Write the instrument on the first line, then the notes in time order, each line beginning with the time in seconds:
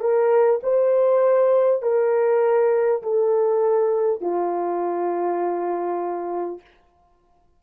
horn
0.00 A#4
0.63 C5
1.82 A#4
3.02 A4
4.21 F4